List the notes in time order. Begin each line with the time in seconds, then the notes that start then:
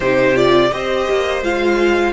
0.00 C3 D#4 G4 C5
0.35 F4 D5
0.71 C4 G4 C5 D#5
1.10 A#3
1.41 G#3 F4 F5